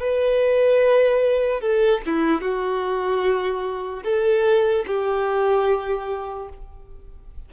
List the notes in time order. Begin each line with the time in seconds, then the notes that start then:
0.00 B4
1.61 A4
2.06 E4
2.41 F#4
4.04 A4
4.87 G4